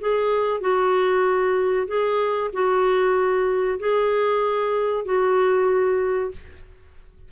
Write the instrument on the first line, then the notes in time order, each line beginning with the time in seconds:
clarinet
0.00 G#4
0.60 F#4
1.87 G#4
2.53 F#4
3.79 G#4
5.05 F#4